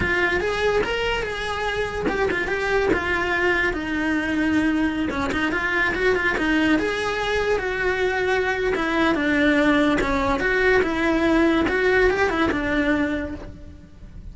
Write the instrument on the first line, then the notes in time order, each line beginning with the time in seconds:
cello
0.00 F4
0.40 G#4
0.83 A#4
1.22 G#4
2.08 G4
2.30 F4
2.47 G4
2.93 F4
3.73 D#4
5.10 C#4
5.31 D#4
5.52 F4
5.94 F#4
6.15 F4
6.37 D#4
6.78 G#4
7.58 F#4
8.75 E4
9.14 D4
10.00 C#4
10.40 F#4
10.82 E4
11.68 F#4
12.09 G4
12.29 E4
12.51 D4